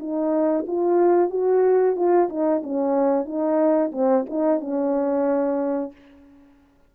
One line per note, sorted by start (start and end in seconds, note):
0.00 0.66 D#4
0.68 1.30 F4
1.30 1.96 F#4
1.96 2.29 F4
2.30 2.63 D#4
2.64 3.26 C#4
3.26 3.92 D#4
3.93 4.26 C4
4.30 4.61 D#4
4.61 5.93 C#4